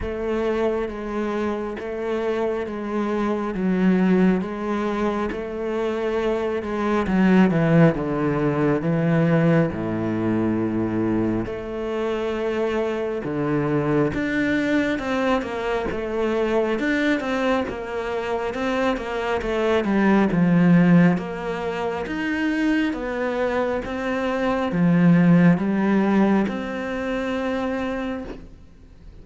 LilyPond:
\new Staff \with { instrumentName = "cello" } { \time 4/4 \tempo 4 = 68 a4 gis4 a4 gis4 | fis4 gis4 a4. gis8 | fis8 e8 d4 e4 a,4~ | a,4 a2 d4 |
d'4 c'8 ais8 a4 d'8 c'8 | ais4 c'8 ais8 a8 g8 f4 | ais4 dis'4 b4 c'4 | f4 g4 c'2 | }